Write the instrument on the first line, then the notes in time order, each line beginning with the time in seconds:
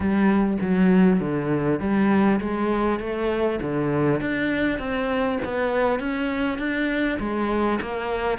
cello
0.00 G3
0.61 F#3
1.20 D3
1.79 G3
2.40 G#3
2.99 A3
3.61 D3
4.20 D4
4.78 C4
5.44 B3
5.99 C#4
6.58 D4
7.19 G#3
7.81 A#3